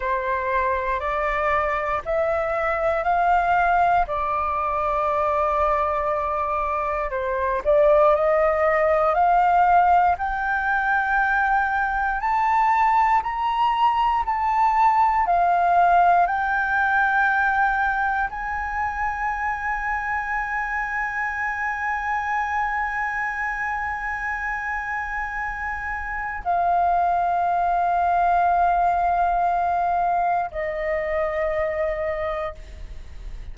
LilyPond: \new Staff \with { instrumentName = "flute" } { \time 4/4 \tempo 4 = 59 c''4 d''4 e''4 f''4 | d''2. c''8 d''8 | dis''4 f''4 g''2 | a''4 ais''4 a''4 f''4 |
g''2 gis''2~ | gis''1~ | gis''2 f''2~ | f''2 dis''2 | }